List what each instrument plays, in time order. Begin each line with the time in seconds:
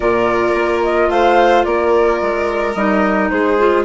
0.00 bassoon A#2, clarinet F4, violin A#4, flute D5
0.53 bassoon A#3
0.82 flute D#5
1.09 bassoon A3, violin C5, flute F5
1.64 bassoon A#3, violin A#4, flute D5
2.21 bassoon G#3
2.74 bassoon G3, clarinet D#4, flute D#5
3.30 bassoon G#3, violin G#4, flute C5
3.58 clarinet F4